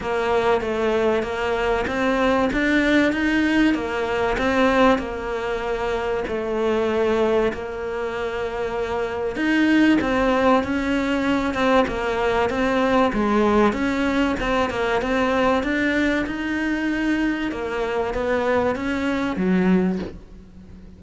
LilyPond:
\new Staff \with { instrumentName = "cello" } { \time 4/4 \tempo 4 = 96 ais4 a4 ais4 c'4 | d'4 dis'4 ais4 c'4 | ais2 a2 | ais2. dis'4 |
c'4 cis'4. c'8 ais4 | c'4 gis4 cis'4 c'8 ais8 | c'4 d'4 dis'2 | ais4 b4 cis'4 fis4 | }